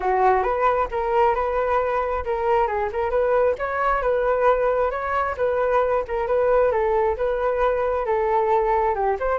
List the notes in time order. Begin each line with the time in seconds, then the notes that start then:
0.00 F#4
0.43 B4
0.91 A#4
1.35 B4
2.24 A#4
2.67 G#4
2.92 A#4
3.10 B4
3.58 C#5
4.02 B4
4.90 C#5
5.37 B4
6.07 A#4
6.27 B4
6.71 A4
7.16 B4
8.05 A4
8.95 G4
9.19 C5